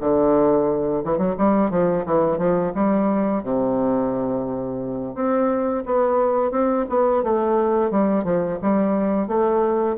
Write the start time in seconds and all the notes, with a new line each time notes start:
0.00 D3
1.04 E3
1.18 F#3
1.37 G3
1.70 F3
2.05 E3
2.38 F3
2.74 G3
3.43 C3
5.15 C4
5.85 B3
6.51 C4
6.89 B3
7.23 A3
7.91 G3
8.24 F3
8.61 G3
9.27 A3